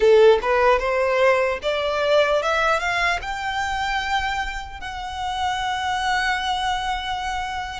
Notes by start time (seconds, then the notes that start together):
0.00 A4
0.41 B4
0.79 C5
1.62 D5
2.42 E5
2.79 F5
3.21 G5
4.80 F#5